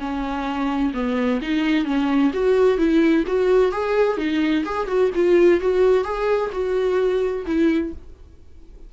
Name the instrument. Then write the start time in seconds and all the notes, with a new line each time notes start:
viola
0.00 C#4
0.94 B3
1.42 D#4
1.85 C#4
2.34 F#4
2.78 E4
3.27 F#4
3.72 G#4
4.18 D#4
4.65 G#4
4.87 F#4
5.15 F4
5.61 F#4
6.04 G#4
6.52 F#4
7.46 E4